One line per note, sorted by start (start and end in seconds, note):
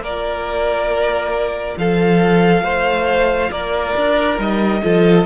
0.00 1.74 A#3
0.00 4.37 F4
0.00 1.77 A#4
0.00 1.78 D5
1.77 2.62 F3
1.77 2.63 A4
1.77 3.51 F5
2.62 3.49 A3
2.62 3.50 C5
3.51 3.94 A#3
3.51 4.81 A#4
3.51 4.38 D5
3.96 4.38 D4
4.37 4.81 G3
4.37 4.80 D#4
4.37 5.25 D#5
4.82 5.25 F3
4.82 5.25 F4
4.82 5.25 A4